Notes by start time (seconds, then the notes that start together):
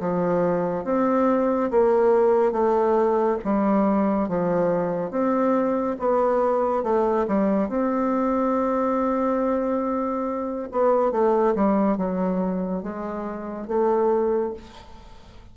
0.00 F3
0.85 C4
1.71 A#3
2.52 A3
3.44 G3
4.28 F3
5.10 C4
5.99 B3
6.83 A3
7.27 G3
7.69 C4
10.71 B3
11.12 A3
11.55 G3
11.97 F#3
12.83 G#3
13.68 A3